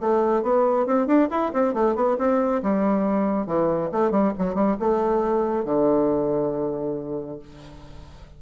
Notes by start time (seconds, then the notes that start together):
0.00 A3
0.42 B3
0.86 C4
1.06 D4
1.30 E4
1.53 C4
1.74 A3
1.95 B3
2.18 C4
2.62 G3
3.46 E3
3.92 A3
4.10 G3
4.38 F#3
4.54 G3
4.79 A3
5.65 D3